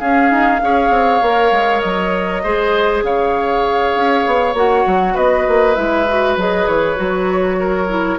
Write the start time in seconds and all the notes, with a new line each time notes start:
0.00 C#4 G#4 F5
0.31 D#4
0.62 C#4 G#4 C#5
0.90 C4
1.22 A#3 A#4
1.52 G#3
1.81 F#3 D#5
2.43 G#3 G#4 C5
3.03 C#3 C#5 F5
3.95 C#4
4.27 B3
4.54 A#3 F#4 F#5
4.86 F#3
5.15 B3 B4 D#5
5.48 A#3
5.75 G#3 E4 E5
6.09 F#4
6.37 F#3 G#4 D#5
6.68 E3 C#5
6.97 F#3 F#4
7.60 A#4
7.89 E4